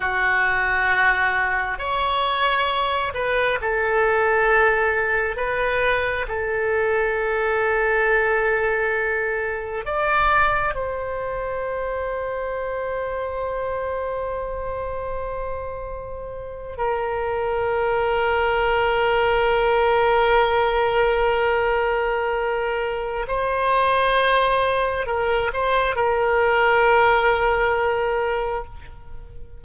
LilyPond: \new Staff \with { instrumentName = "oboe" } { \time 4/4 \tempo 4 = 67 fis'2 cis''4. b'8 | a'2 b'4 a'4~ | a'2. d''4 | c''1~ |
c''2~ c''8. ais'4~ ais'16~ | ais'1~ | ais'2 c''2 | ais'8 c''8 ais'2. | }